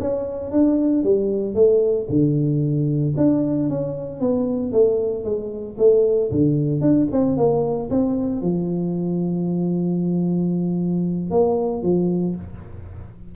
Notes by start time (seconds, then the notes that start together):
0.00 C#4
0.51 D4
1.04 G3
1.55 A3
2.10 D3
3.17 D4
3.69 C#4
4.20 B3
4.72 A3
5.24 G#3
5.78 A3
6.32 D3
6.81 D4
7.12 C4
7.37 A#3
7.90 C4
8.42 F3
11.31 A#3
11.83 F3